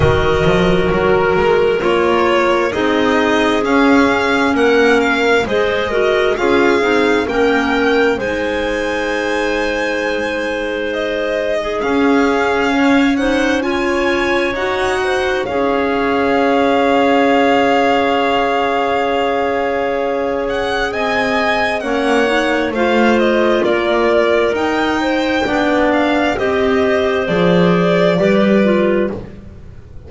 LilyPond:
<<
  \new Staff \with { instrumentName = "violin" } { \time 4/4 \tempo 4 = 66 dis''4 ais'4 cis''4 dis''4 | f''4 fis''8 f''8 dis''4 f''4 | g''4 gis''2. | dis''4 f''4. fis''8 gis''4 |
fis''4 f''2.~ | f''2~ f''8 fis''8 gis''4 | fis''4 f''8 dis''8 d''4 g''4~ | g''8 f''8 dis''4 d''2 | }
  \new Staff \with { instrumentName = "clarinet" } { \time 4/4 ais'2. gis'4~ | gis'4 ais'4 c''8 ais'8 gis'4 | ais'4 c''2.~ | c''8. gis'4~ gis'16 cis''8 c''8 cis''4~ |
cis''8 c''8 cis''2.~ | cis''2. dis''4 | cis''4 c''4 ais'4. c''8 | d''4 c''2 b'4 | }
  \new Staff \with { instrumentName = "clarinet" } { \time 4/4 fis'2 f'4 dis'4 | cis'2 gis'8 fis'8 f'8 dis'8 | cis'4 dis'2.~ | dis'4 cis'4. dis'8 f'4 |
fis'4 gis'2.~ | gis'1 | cis'8 dis'8 f'2 dis'4 | d'4 g'4 gis'4 g'8 f'8 | }
  \new Staff \with { instrumentName = "double bass" } { \time 4/4 dis8 f8 fis8 gis8 ais4 c'4 | cis'4 ais4 gis4 cis'8 c'8 | ais4 gis2.~ | gis4 cis'2. |
dis'4 cis'2.~ | cis'2. c'4 | ais4 a4 ais4 dis'4 | b4 c'4 f4 g4 | }
>>